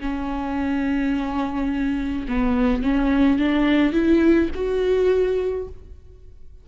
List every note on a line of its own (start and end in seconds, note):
0.00 2.26 C#4
2.28 2.83 B3
2.83 3.39 C#4
3.39 3.93 D4
3.93 4.49 E4
4.54 5.68 F#4